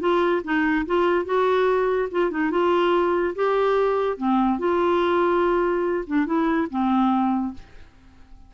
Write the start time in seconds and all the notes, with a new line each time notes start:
0.00 F4
0.44 D#4
0.86 F4
1.25 F#4
2.11 F4
2.30 D#4
2.51 F4
3.35 G4
4.17 C4
4.59 F4
6.06 D4
6.26 E4
6.70 C4